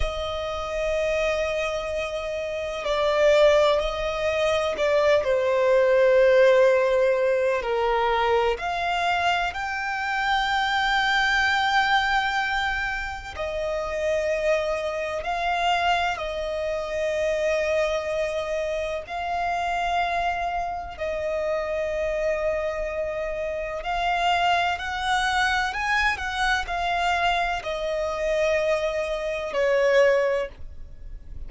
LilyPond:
\new Staff \with { instrumentName = "violin" } { \time 4/4 \tempo 4 = 63 dis''2. d''4 | dis''4 d''8 c''2~ c''8 | ais'4 f''4 g''2~ | g''2 dis''2 |
f''4 dis''2. | f''2 dis''2~ | dis''4 f''4 fis''4 gis''8 fis''8 | f''4 dis''2 cis''4 | }